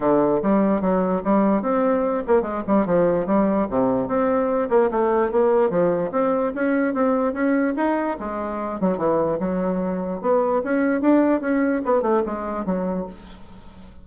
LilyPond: \new Staff \with { instrumentName = "bassoon" } { \time 4/4 \tempo 4 = 147 d4 g4 fis4 g4 | c'4. ais8 gis8 g8 f4 | g4 c4 c'4. ais8 | a4 ais4 f4 c'4 |
cis'4 c'4 cis'4 dis'4 | gis4. fis8 e4 fis4~ | fis4 b4 cis'4 d'4 | cis'4 b8 a8 gis4 fis4 | }